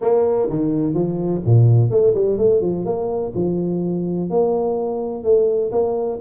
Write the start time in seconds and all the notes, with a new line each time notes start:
0.01 A#3
0.49 D#3
0.94 F3
1.45 A#2
1.90 A3
2.14 G3
2.37 A3
2.61 F3
2.85 A#3
3.34 F3
4.30 A#3
5.23 A3
5.71 A#3